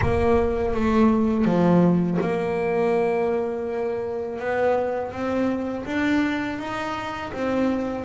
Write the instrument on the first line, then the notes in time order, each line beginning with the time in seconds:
double bass
0.01 A#3
0.74 A3
1.45 F3
2.21 A#3
4.39 B3
5.12 C4
5.85 D4
6.59 D#4
7.32 C4